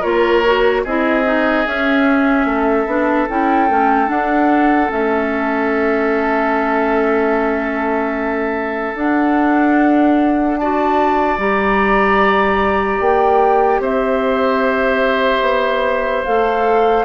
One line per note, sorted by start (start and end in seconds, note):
0.00 0.85 A#3
0.00 0.44 F4
0.00 0.81 A#4
0.00 0.84 C#5
0.45 0.86 F#4
0.84 1.66 C4
0.84 1.24 E4
0.84 2.46 G#4
0.84 1.67 D#5
1.24 1.65 D#4
1.66 2.45 C#4
1.66 2.87 C#4
1.66 3.29 E5
2.45 2.86 A3
2.45 10.59 A4
2.86 3.27 B3
2.86 3.28 D4
3.29 3.70 C#4
3.29 3.69 E4
3.29 4.09 G5
3.69 4.09 A3
3.69 4.06 C#4
4.06 4.87 D4
4.06 4.90 D4
4.06 4.90 F#5
4.89 8.94 A3
4.89 8.94 C#4
4.89 8.97 E5
8.94 11.37 D4
8.94 10.58 D4
8.94 10.57 F#5
10.57 11.38 F#4
10.57 13.81 D5
10.57 11.39 A5
11.37 13.00 G3
11.37 16.25 G4
11.37 13.01 A#5
13.00 13.80 A#3
13.00 13.82 G5
13.80 15.41 C4
13.80 17.05 C5
13.80 16.24 E5
15.41 16.22 B3
16.24 17.05 A3
16.24 17.05 A4
16.24 17.05 F5